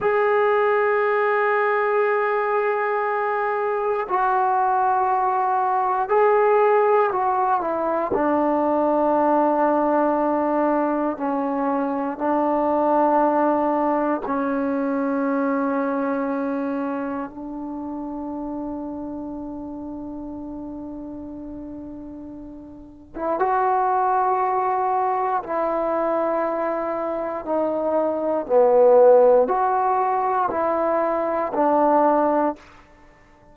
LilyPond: \new Staff \with { instrumentName = "trombone" } { \time 4/4 \tempo 4 = 59 gis'1 | fis'2 gis'4 fis'8 e'8 | d'2. cis'4 | d'2 cis'2~ |
cis'4 d'2.~ | d'2~ d'8. e'16 fis'4~ | fis'4 e'2 dis'4 | b4 fis'4 e'4 d'4 | }